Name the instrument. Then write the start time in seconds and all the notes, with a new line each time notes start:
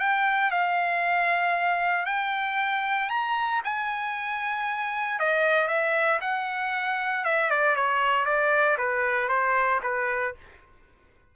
trumpet
0.00 G5
0.51 F5
2.06 G5
3.10 A#5
3.65 G#5
5.20 D#5
5.68 E5
6.21 F#5
7.25 E5
7.50 D5
7.76 C#5
8.26 D5
8.78 B4
9.29 C5
9.83 B4